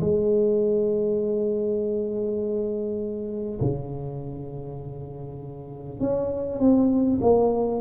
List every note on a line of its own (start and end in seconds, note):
0.00 3.60 G#3
3.60 6.00 C#3
6.00 6.59 C#4
6.59 7.19 C4
7.21 7.81 A#3